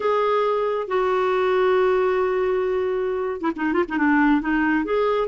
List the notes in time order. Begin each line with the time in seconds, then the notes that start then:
0.00 G#4
0.87 F#4
3.40 E4
3.55 D#4
3.73 F4
3.88 D#4
3.97 D4
4.41 D#4
4.84 G#4